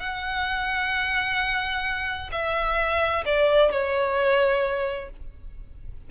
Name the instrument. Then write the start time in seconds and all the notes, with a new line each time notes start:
violin
0.00 F#5
2.32 E5
3.26 D5
3.72 C#5